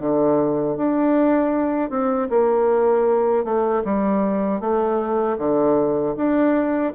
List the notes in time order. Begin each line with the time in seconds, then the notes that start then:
0.00 D3
0.77 D4
1.90 C4
2.30 A#3
3.44 A3
3.85 G3
4.60 A3
5.38 D3
6.17 D4